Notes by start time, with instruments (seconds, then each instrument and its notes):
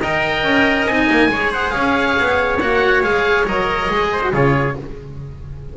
0.00 double bass D#4, cello A#4, trumpet D#5, oboe G5
0.43 double bass C#4
0.86 double bass C4, cello D#4, oboe G#5
1.10 double bass A#3
1.28 double bass G#3, cello G#4, trumpet C#5
1.52 trumpet C5, oboe F#5
1.70 double bass C#4, trumpet C#5, oboe F5
2.19 double bass B3
2.60 double bass A#3, cello F#4, oboe F#5
3.02 double bass G#3, cello G#4, oboe F5
3.46 double bass F#3, cello A#4, oboe D#5
3.89 double bass G#3, cello G#4
4.11 trumpet C5
4.21 cello F#4
4.32 double bass C#3, cello F4, trumpet G#4, oboe C#5